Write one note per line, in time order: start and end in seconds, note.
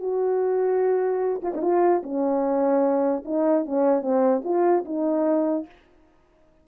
0.00 1.41 F#4
1.43 1.53 F4
1.54 1.62 D#4
1.62 2.02 F4
2.03 3.24 C#4
3.25 3.65 D#4
3.66 4.02 C#4
4.02 4.42 C4
4.44 4.85 F4
4.85 5.66 D#4